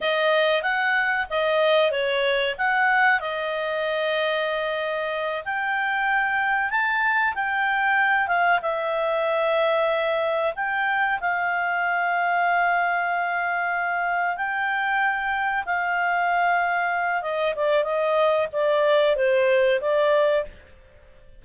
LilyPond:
\new Staff \with { instrumentName = "clarinet" } { \time 4/4 \tempo 4 = 94 dis''4 fis''4 dis''4 cis''4 | fis''4 dis''2.~ | dis''8 g''2 a''4 g''8~ | g''4 f''8 e''2~ e''8~ |
e''8 g''4 f''2~ f''8~ | f''2~ f''8 g''4.~ | g''8 f''2~ f''8 dis''8 d''8 | dis''4 d''4 c''4 d''4 | }